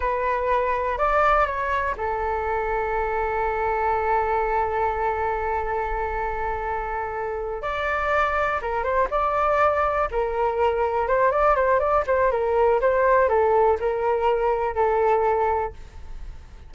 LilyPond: \new Staff \with { instrumentName = "flute" } { \time 4/4 \tempo 4 = 122 b'2 d''4 cis''4 | a'1~ | a'1~ | a'2.~ a'8 d''8~ |
d''4. ais'8 c''8 d''4.~ | d''8 ais'2 c''8 d''8 c''8 | d''8 c''8 ais'4 c''4 a'4 | ais'2 a'2 | }